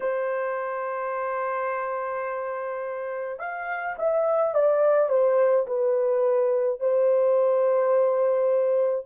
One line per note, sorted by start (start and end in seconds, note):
0.00 3.39 C5
3.39 3.96 F5
3.98 4.54 E5
4.54 5.09 D5
5.09 5.66 C5
5.66 6.79 B4
6.80 9.06 C5